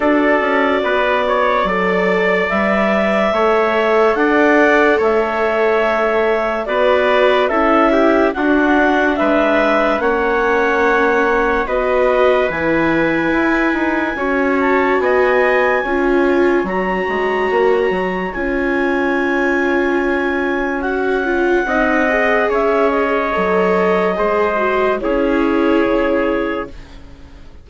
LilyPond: <<
  \new Staff \with { instrumentName = "clarinet" } { \time 4/4 \tempo 4 = 72 d''2. e''4~ | e''4 fis''4 e''2 | d''4 e''4 fis''4 e''4 | fis''2 dis''4 gis''4~ |
gis''4. a''8 gis''2 | ais''2 gis''2~ | gis''4 fis''2 e''8 dis''8~ | dis''2 cis''2 | }
  \new Staff \with { instrumentName = "trumpet" } { \time 4/4 a'4 b'8 cis''8 d''2 | cis''4 d''4 cis''2 | b'4 a'8 g'8 fis'4 b'4 | cis''2 b'2~ |
b'4 cis''4 dis''4 cis''4~ | cis''1~ | cis''2 dis''4 cis''4~ | cis''4 c''4 gis'2 | }
  \new Staff \with { instrumentName = "viola" } { \time 4/4 fis'2 a'4 b'4 | a'1 | fis'4 e'4 d'2 | cis'2 fis'4 e'4~ |
e'4 fis'2 f'4 | fis'2 f'2~ | f'4 fis'8 f'8 dis'8 gis'4. | a'4 gis'8 fis'8 e'2 | }
  \new Staff \with { instrumentName = "bassoon" } { \time 4/4 d'8 cis'8 b4 fis4 g4 | a4 d'4 a2 | b4 cis'4 d'4 gis4 | ais2 b4 e4 |
e'8 dis'8 cis'4 b4 cis'4 | fis8 gis8 ais8 fis8 cis'2~ | cis'2 c'4 cis'4 | fis4 gis4 cis'4 cis4 | }
>>